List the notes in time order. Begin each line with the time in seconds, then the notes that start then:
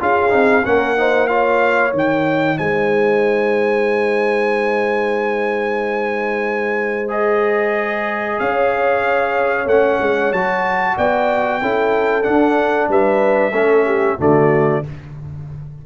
0.00 C#4 F4 G#4 F5
0.30 C4 D#4
0.65 A#3 C#4 A#4 F#5
0.97 D#4 C5
1.28 F4 C#5 F5
1.93 D#3 D#4 G5
2.58 G#3 C5 G#5
7.08 G#4 D#5
8.39 C#4 C#5 F5
9.66 A3 C#4 F#5
10.01 G#3
10.33 F#3 F#4 A5
10.97 B3 D5 G5
11.62 C#4 E4 A4
12.23 D4 F#5
12.89 G3 B4 E5
13.52 A3 C#4 A4
13.85 G4
14.19 D3 A3 F#4 D5